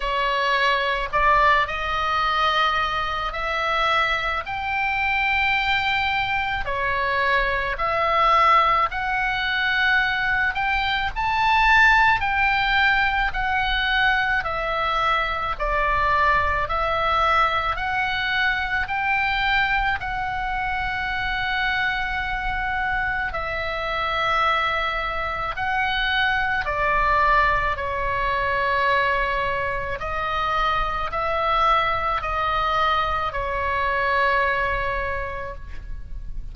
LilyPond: \new Staff \with { instrumentName = "oboe" } { \time 4/4 \tempo 4 = 54 cis''4 d''8 dis''4. e''4 | g''2 cis''4 e''4 | fis''4. g''8 a''4 g''4 | fis''4 e''4 d''4 e''4 |
fis''4 g''4 fis''2~ | fis''4 e''2 fis''4 | d''4 cis''2 dis''4 | e''4 dis''4 cis''2 | }